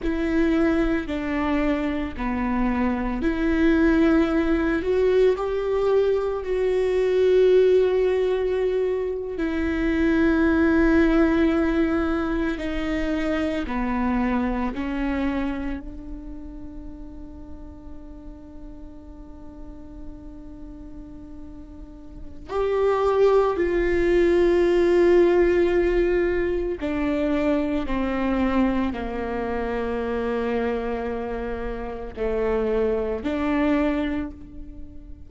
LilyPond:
\new Staff \with { instrumentName = "viola" } { \time 4/4 \tempo 4 = 56 e'4 d'4 b4 e'4~ | e'8 fis'8 g'4 fis'2~ | fis'8. e'2. dis'16~ | dis'8. b4 cis'4 d'4~ d'16~ |
d'1~ | d'4 g'4 f'2~ | f'4 d'4 c'4 ais4~ | ais2 a4 d'4 | }